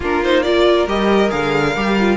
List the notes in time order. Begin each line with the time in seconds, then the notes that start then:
0.00 A#3 D4 F4 A#4
0.24 D#4 C5
0.42 F4 A#4 D5
0.86 G3 G4 D#5
1.29 D3 G#4 F5
1.75 G3 G4
1.99 F4